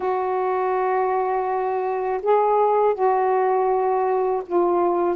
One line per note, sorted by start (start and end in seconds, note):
0.00 2.20 F#4
2.22 2.94 G#4
2.94 4.42 F#4
4.46 5.16 F4